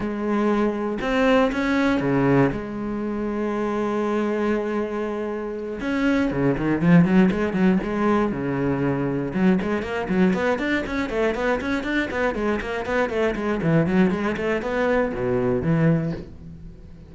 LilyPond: \new Staff \with { instrumentName = "cello" } { \time 4/4 \tempo 4 = 119 gis2 c'4 cis'4 | cis4 gis2.~ | gis2.~ gis8 cis'8~ | cis'8 cis8 dis8 f8 fis8 gis8 fis8 gis8~ |
gis8 cis2 fis8 gis8 ais8 | fis8 b8 d'8 cis'8 a8 b8 cis'8 d'8 | b8 gis8 ais8 b8 a8 gis8 e8 fis8 | gis8 a8 b4 b,4 e4 | }